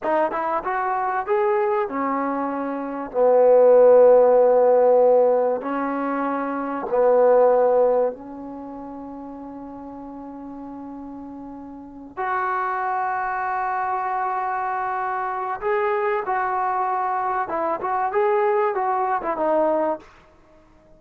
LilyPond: \new Staff \with { instrumentName = "trombone" } { \time 4/4 \tempo 4 = 96 dis'8 e'8 fis'4 gis'4 cis'4~ | cis'4 b2.~ | b4 cis'2 b4~ | b4 cis'2.~ |
cis'2.~ cis'8 fis'8~ | fis'1~ | fis'4 gis'4 fis'2 | e'8 fis'8 gis'4 fis'8. e'16 dis'4 | }